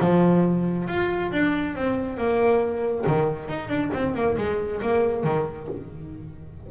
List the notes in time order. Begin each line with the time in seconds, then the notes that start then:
0.00 F3
0.88 F4
1.32 D4
1.75 C4
2.17 A#3
3.07 D#3
3.48 D#4
3.68 D4
3.93 C4
4.15 A#3
4.37 G#3
4.82 A#3
5.24 D#3